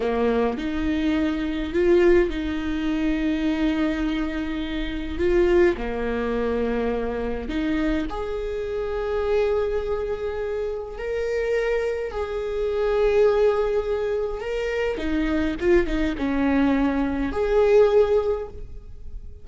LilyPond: \new Staff \with { instrumentName = "viola" } { \time 4/4 \tempo 4 = 104 ais4 dis'2 f'4 | dis'1~ | dis'4 f'4 ais2~ | ais4 dis'4 gis'2~ |
gis'2. ais'4~ | ais'4 gis'2.~ | gis'4 ais'4 dis'4 f'8 dis'8 | cis'2 gis'2 | }